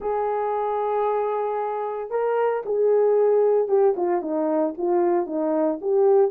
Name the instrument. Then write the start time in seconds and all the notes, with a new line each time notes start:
horn
0.00 G#4
2.10 A#4
2.65 G#4
3.68 G4
3.96 F4
4.21 D#4
4.77 F4
5.26 D#4
5.81 G4